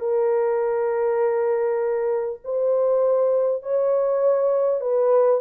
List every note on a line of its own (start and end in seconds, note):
0.00 2.40 A#4
2.44 3.63 C5
3.63 4.81 C#5
4.81 5.41 B4